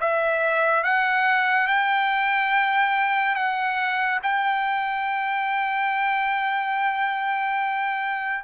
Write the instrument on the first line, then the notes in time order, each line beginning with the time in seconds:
trumpet
0.00 E5
0.83 F#5
1.67 G5
3.35 F#5
4.23 G5